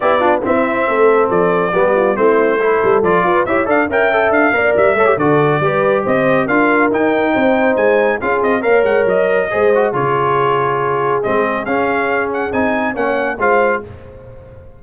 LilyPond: <<
  \new Staff \with { instrumentName = "trumpet" } { \time 4/4 \tempo 4 = 139 d''4 e''2 d''4~ | d''4 c''2 d''4 | e''8 f''8 g''4 f''4 e''4 | d''2 dis''4 f''4 |
g''2 gis''4 f''8 dis''8 | f''8 fis''8 dis''2 cis''4~ | cis''2 dis''4 f''4~ | f''8 fis''8 gis''4 fis''4 f''4 | }
  \new Staff \with { instrumentName = "horn" } { \time 4/4 g'8 f'8 e'4 a'2 | g'8 f'8 e'4 a'4. b'8 | cis''8 d''8 e''4. d''4 cis''8 | a'4 b'4 c''4 ais'4~ |
ais'4 c''2 gis'4 | cis''2 c''4 gis'4~ | gis'1~ | gis'2 cis''4 c''4 | }
  \new Staff \with { instrumentName = "trombone" } { \time 4/4 e'8 d'8 c'2. | b4 c'4 e'4 f'4 | g'8 a'8 ais'8 a'4 ais'4 a'16 g'16 | fis'4 g'2 f'4 |
dis'2. f'4 | ais'2 gis'8 fis'8 f'4~ | f'2 c'4 cis'4~ | cis'4 dis'4 cis'4 f'4 | }
  \new Staff \with { instrumentName = "tuba" } { \time 4/4 b4 c'4 a4 f4 | g4 a4. g8 f8 f'8 | e'8 d'8 cis'4 d'8 ais8 g8 a8 | d4 g4 c'4 d'4 |
dis'4 c'4 gis4 cis'8 c'8 | ais8 gis8 fis4 gis4 cis4~ | cis2 gis4 cis'4~ | cis'4 c'4 ais4 gis4 | }
>>